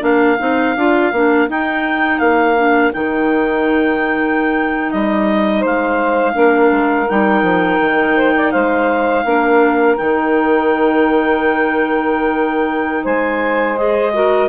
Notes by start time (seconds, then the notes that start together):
0.00 A#3 D4 A#4 F5
0.39 C4 D#4
0.76 D4 F4
1.12 A#3 D4
1.48 D#4 G5
2.19 A#3 F5
2.56 D4
2.92 D#3 D#4 G5
4.91 G3 D#5
5.59 G#3 C5 F5
6.33 A#3 D4 A#4
6.71 G#3
7.09 G3 D#4 G5
7.42 F3
7.79 D#3
8.16 C5
8.36 D5
8.51 G#3 C5 F5
9.24 A#3 D4 A#4
9.97 D#3 D#4 G5
13.04 G#3 C5 G#5
13.77 G#4 D#5
14.13 F#4 A#4